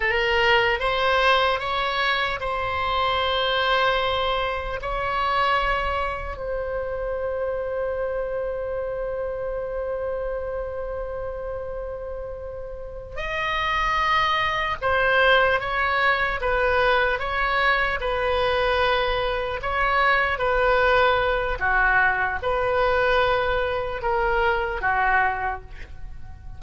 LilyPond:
\new Staff \with { instrumentName = "oboe" } { \time 4/4 \tempo 4 = 75 ais'4 c''4 cis''4 c''4~ | c''2 cis''2 | c''1~ | c''1~ |
c''8 dis''2 c''4 cis''8~ | cis''8 b'4 cis''4 b'4.~ | b'8 cis''4 b'4. fis'4 | b'2 ais'4 fis'4 | }